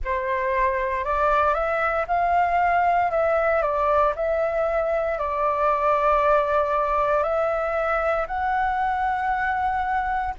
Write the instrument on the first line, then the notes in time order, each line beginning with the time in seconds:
flute
0.04 C5
1.04 D5
1.53 E5
2.07 F5
3.10 E5
3.62 D5
4.15 E5
5.18 D5
7.23 E5
8.27 F#5